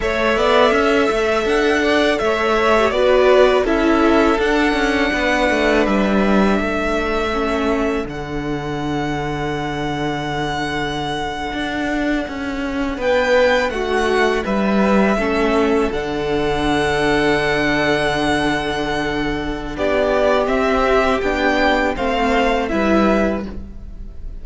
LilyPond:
<<
  \new Staff \with { instrumentName = "violin" } { \time 4/4 \tempo 4 = 82 e''2 fis''4 e''4 | d''4 e''4 fis''2 | e''2. fis''4~ | fis''1~ |
fis''4.~ fis''16 g''4 fis''4 e''16~ | e''4.~ e''16 fis''2~ fis''16~ | fis''2. d''4 | e''4 g''4 f''4 e''4 | }
  \new Staff \with { instrumentName = "violin" } { \time 4/4 cis''8 d''8 e''4. d''8 cis''4 | b'4 a'2 b'4~ | b'4 a'2.~ | a'1~ |
a'4.~ a'16 b'4 fis'4 b'16~ | b'8. a'2.~ a'16~ | a'2. g'4~ | g'2 c''4 b'4 | }
  \new Staff \with { instrumentName = "viola" } { \time 4/4 a'2.~ a'8. g'16 | fis'4 e'4 d'2~ | d'2 cis'4 d'4~ | d'1~ |
d'1~ | d'8. cis'4 d'2~ d'16~ | d'1 | c'4 d'4 c'4 e'4 | }
  \new Staff \with { instrumentName = "cello" } { \time 4/4 a8 b8 cis'8 a8 d'4 a4 | b4 cis'4 d'8 cis'8 b8 a8 | g4 a2 d4~ | d2.~ d8. d'16~ |
d'8. cis'4 b4 a4 g16~ | g8. a4 d2~ d16~ | d2. b4 | c'4 b4 a4 g4 | }
>>